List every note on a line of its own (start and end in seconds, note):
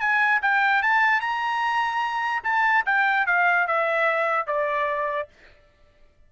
0.00 0.41 G#5
0.42 0.82 G5
0.82 1.20 A5
1.20 2.43 A#5
2.44 2.84 A5
2.86 3.26 G5
3.26 3.67 F5
3.67 4.47 E5
4.47 5.28 D5